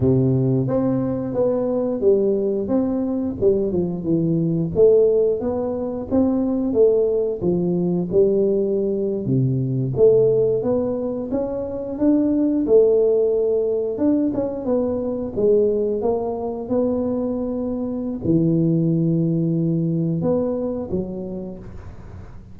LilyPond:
\new Staff \with { instrumentName = "tuba" } { \time 4/4 \tempo 4 = 89 c4 c'4 b4 g4 | c'4 g8 f8 e4 a4 | b4 c'4 a4 f4 | g4.~ g16 c4 a4 b16~ |
b8. cis'4 d'4 a4~ a16~ | a8. d'8 cis'8 b4 gis4 ais16~ | ais8. b2~ b16 e4~ | e2 b4 fis4 | }